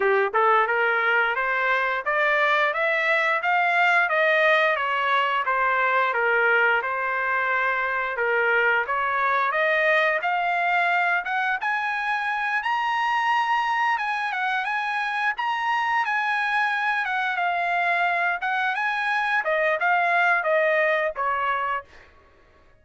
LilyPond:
\new Staff \with { instrumentName = "trumpet" } { \time 4/4 \tempo 4 = 88 g'8 a'8 ais'4 c''4 d''4 | e''4 f''4 dis''4 cis''4 | c''4 ais'4 c''2 | ais'4 cis''4 dis''4 f''4~ |
f''8 fis''8 gis''4. ais''4.~ | ais''8 gis''8 fis''8 gis''4 ais''4 gis''8~ | gis''4 fis''8 f''4. fis''8 gis''8~ | gis''8 dis''8 f''4 dis''4 cis''4 | }